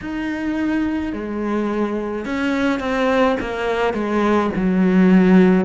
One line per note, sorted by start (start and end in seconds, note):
0.01 1.13 D#4
1.13 2.25 G#3
2.25 2.79 C#4
2.79 3.36 C4
3.40 3.93 A#3
3.93 4.50 G#3
4.55 5.64 F#3